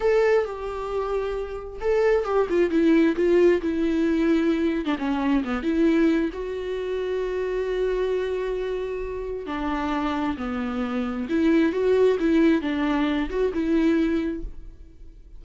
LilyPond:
\new Staff \with { instrumentName = "viola" } { \time 4/4 \tempo 4 = 133 a'4 g'2. | a'4 g'8 f'8 e'4 f'4 | e'2~ e'8. d'16 cis'4 | b8 e'4. fis'2~ |
fis'1~ | fis'4 d'2 b4~ | b4 e'4 fis'4 e'4 | d'4. fis'8 e'2 | }